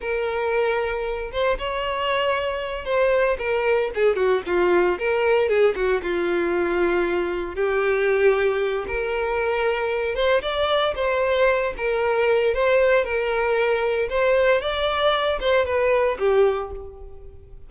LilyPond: \new Staff \with { instrumentName = "violin" } { \time 4/4 \tempo 4 = 115 ais'2~ ais'8 c''8 cis''4~ | cis''4. c''4 ais'4 gis'8 | fis'8 f'4 ais'4 gis'8 fis'8 f'8~ | f'2~ f'8 g'4.~ |
g'4 ais'2~ ais'8 c''8 | d''4 c''4. ais'4. | c''4 ais'2 c''4 | d''4. c''8 b'4 g'4 | }